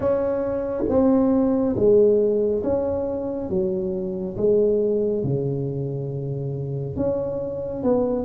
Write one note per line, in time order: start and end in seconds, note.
0.00 0.83 C#4
0.88 1.75 C4
1.75 2.62 G#3
2.63 3.49 C#4
3.49 4.36 F#3
4.37 5.23 G#3
5.23 6.96 C#3
6.96 7.83 C#4
7.83 8.25 B3